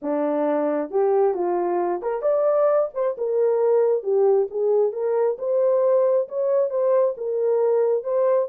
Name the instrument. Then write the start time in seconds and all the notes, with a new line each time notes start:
horn
0.02 D4
0.90 G4
1.34 F4
2.01 A#4
2.22 D5
2.94 C5
3.17 A#4
4.03 G4
4.50 G#4
4.92 A#4
5.38 C5
6.28 C#5
6.70 C5
7.17 A#4
8.03 C5